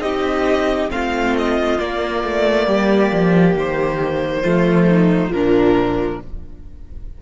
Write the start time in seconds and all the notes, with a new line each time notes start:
0.00 C4 D#4 G4 D#5
0.90 A3 C4 F4 F5
1.38 D#5
1.79 A#3 D5
2.24 A3
2.67 G3 G4
3.12 F3
3.55 D#3 C5
4.42 F3 A3 F4
4.89 D#4
5.30 A#2 F3 D4 A#4